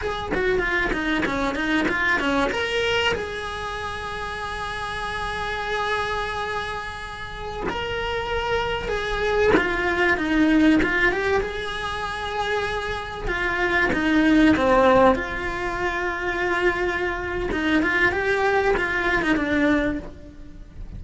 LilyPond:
\new Staff \with { instrumentName = "cello" } { \time 4/4 \tempo 4 = 96 gis'8 fis'8 f'8 dis'8 cis'8 dis'8 f'8 cis'8 | ais'4 gis'2.~ | gis'1~ | gis'16 ais'2 gis'4 f'8.~ |
f'16 dis'4 f'8 g'8 gis'4.~ gis'16~ | gis'4~ gis'16 f'4 dis'4 c'8.~ | c'16 f'2.~ f'8. | dis'8 f'8 g'4 f'8. dis'16 d'4 | }